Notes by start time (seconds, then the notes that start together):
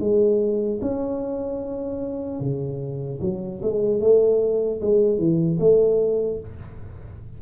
0.00 G#3
0.82 C#4
2.40 C#3
3.21 F#3
3.63 G#3
4.01 A3
4.81 G#3
5.19 E3
5.60 A3